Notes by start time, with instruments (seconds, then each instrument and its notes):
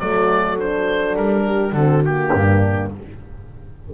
0.00 double bass F#3, horn A3 A4, oboe D5
0.58 horn D4, oboe C5
1.16 double bass G3, oboe A#4
1.46 horn G4
1.72 double bass D3, horn C4 F#4, oboe A4
2.05 horn A#3, oboe G4
2.33 double bass G2, horn D4